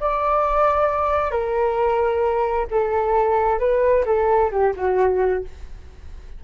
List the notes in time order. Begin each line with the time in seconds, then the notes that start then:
0.00 D5
1.31 A#4
2.71 A4
3.59 B4
4.06 A4
4.51 G4
4.76 F#4